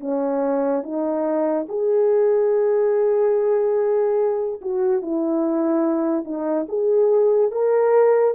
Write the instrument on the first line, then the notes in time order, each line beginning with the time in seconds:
horn
0.00 C#4
0.83 D#4
1.69 G#4
4.61 F#4
5.02 E4
6.24 D#4
6.68 G#4
7.51 A#4